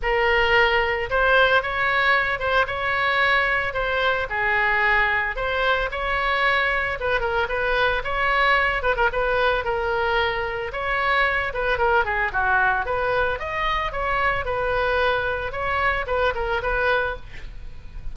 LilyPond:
\new Staff \with { instrumentName = "oboe" } { \time 4/4 \tempo 4 = 112 ais'2 c''4 cis''4~ | cis''8 c''8 cis''2 c''4 | gis'2 c''4 cis''4~ | cis''4 b'8 ais'8 b'4 cis''4~ |
cis''8 b'16 ais'16 b'4 ais'2 | cis''4. b'8 ais'8 gis'8 fis'4 | b'4 dis''4 cis''4 b'4~ | b'4 cis''4 b'8 ais'8 b'4 | }